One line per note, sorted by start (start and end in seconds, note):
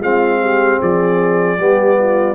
0.00 0.79 G#3
0.00 1.59 C4
0.00 0.39 F4
0.00 0.82 F5
0.42 0.80 G4
0.80 1.59 F3
0.80 1.58 G#4
0.80 2.36 D5
1.58 2.36 G3
1.58 2.36 B3
1.58 1.98 G4
1.99 2.36 F4